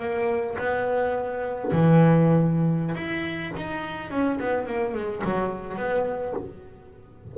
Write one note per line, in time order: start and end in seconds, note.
0.00 0.57 A#3
0.59 1.72 B3
1.72 2.96 E3
2.96 3.52 E4
3.57 4.11 D#4
4.11 4.39 C#4
4.40 4.67 B3
4.67 4.94 A#3
4.94 5.23 G#3
5.25 5.77 F#3
5.77 6.34 B3